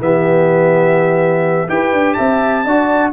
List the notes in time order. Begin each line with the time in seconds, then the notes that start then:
0.00 E3 B3 G4 E5
1.68 E4 G4 B4 G5
1.93 D4
2.14 C4 E5 A5
2.65 D4 F#4 D5